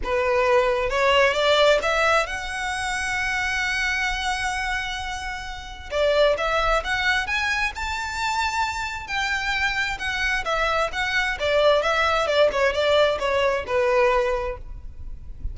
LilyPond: \new Staff \with { instrumentName = "violin" } { \time 4/4 \tempo 4 = 132 b'2 cis''4 d''4 | e''4 fis''2.~ | fis''1~ | fis''4 d''4 e''4 fis''4 |
gis''4 a''2. | g''2 fis''4 e''4 | fis''4 d''4 e''4 d''8 cis''8 | d''4 cis''4 b'2 | }